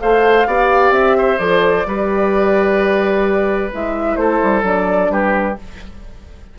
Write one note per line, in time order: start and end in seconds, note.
0.00 0.47 A3
0.00 0.47 A4
0.00 0.48 C5
0.00 0.93 F5
0.47 0.91 B3
0.47 1.40 G4
0.47 1.18 D5
0.91 1.38 C4
0.91 1.38 E5
1.18 1.87 C5
1.38 1.86 F3
1.38 1.86 A4
1.38 3.71 D5
1.86 3.72 G3
1.86 3.73 G4
1.86 4.20 B4
3.73 4.17 G#3
3.73 4.64 E4
3.73 4.16 E5
4.16 4.40 A3
4.16 5.12 A4
4.16 4.63 C5
4.44 4.63 G3
4.63 5.09 F#3
4.63 5.57 D4
4.63 5.12 D5
5.09 5.56 G3
5.09 5.59 G4
5.09 5.59 B4